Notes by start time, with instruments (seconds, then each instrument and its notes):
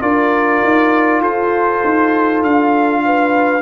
0.00 tuba D4, trombone F4, horn A#4, trumpet D5
0.64 tuba D#4
1.21 tuba F4, horn A4, trumpet C5
1.84 tuba D#4
2.43 tuba D4, trumpet F5
3.05 horn B4